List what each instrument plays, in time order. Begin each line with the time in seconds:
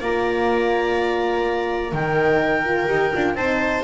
0.00 double bass A#3, horn F4, viola D5, clarinet A#5
1.92 double bass D#3, horn D#4, viola A#4, clarinet G5
2.65 horn F4
2.86 double bass D#4, horn G4
3.14 double bass D4, horn F4
3.35 double bass C4, horn D#4, viola C5, clarinet A5